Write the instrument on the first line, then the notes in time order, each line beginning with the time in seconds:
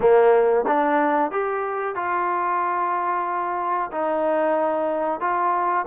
trombone
0.00 A#3
0.67 D4
1.31 G4
1.95 F4
3.91 D#4
5.20 F4